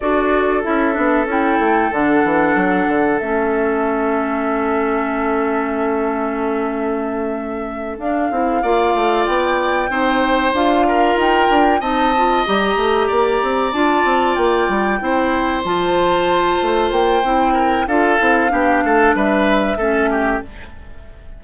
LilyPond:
<<
  \new Staff \with { instrumentName = "flute" } { \time 4/4 \tempo 4 = 94 d''4 e''4 g''4 fis''4~ | fis''4 e''2.~ | e''1~ | e''8 f''2 g''4.~ |
g''8 f''4 g''4 a''4 ais''8~ | ais''4. a''4 g''4.~ | g''8 a''2 g''4. | f''2 e''2 | }
  \new Staff \with { instrumentName = "oboe" } { \time 4/4 a'1~ | a'1~ | a'1~ | a'4. d''2 c''8~ |
c''4 ais'4. dis''4.~ | dis''8 d''2. c''8~ | c''2.~ c''8 ais'8 | a'4 g'8 a'8 b'4 a'8 g'8 | }
  \new Staff \with { instrumentName = "clarinet" } { \time 4/4 fis'4 e'8 d'8 e'4 d'4~ | d'4 cis'2.~ | cis'1~ | cis'8 d'8 e'8 f'2 dis'8~ |
dis'8 f'2 dis'8 f'8 g'8~ | g'4. f'2 e'8~ | e'8 f'2~ f'8 e'4 | f'8 e'8 d'2 cis'4 | }
  \new Staff \with { instrumentName = "bassoon" } { \time 4/4 d'4 cis'8 b8 cis'8 a8 d8 e8 | fis8 d8 a2.~ | a1~ | a8 d'8 c'8 ais8 a8 b4 c'8~ |
c'8 d'4 dis'8 d'8 c'4 g8 | a8 ais8 c'8 d'8 c'8 ais8 g8 c'8~ | c'8 f4. a8 ais8 c'4 | d'8 c'8 b8 a8 g4 a4 | }
>>